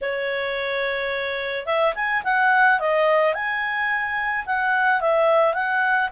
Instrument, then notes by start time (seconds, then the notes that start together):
clarinet
0.01 C#5
1.66 E5
1.94 G#5
2.23 F#5
2.79 D#5
3.34 G#5
4.46 F#5
5.01 E5
5.54 F#5